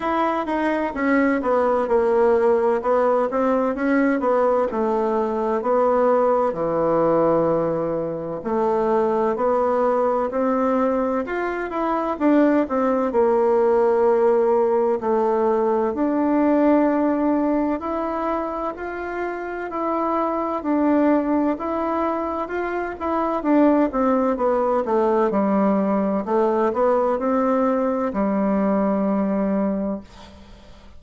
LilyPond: \new Staff \with { instrumentName = "bassoon" } { \time 4/4 \tempo 4 = 64 e'8 dis'8 cis'8 b8 ais4 b8 c'8 | cis'8 b8 a4 b4 e4~ | e4 a4 b4 c'4 | f'8 e'8 d'8 c'8 ais2 |
a4 d'2 e'4 | f'4 e'4 d'4 e'4 | f'8 e'8 d'8 c'8 b8 a8 g4 | a8 b8 c'4 g2 | }